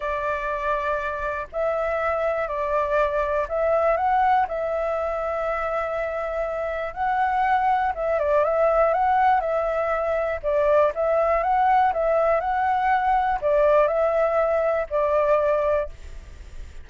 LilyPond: \new Staff \with { instrumentName = "flute" } { \time 4/4 \tempo 4 = 121 d''2. e''4~ | e''4 d''2 e''4 | fis''4 e''2.~ | e''2 fis''2 |
e''8 d''8 e''4 fis''4 e''4~ | e''4 d''4 e''4 fis''4 | e''4 fis''2 d''4 | e''2 d''2 | }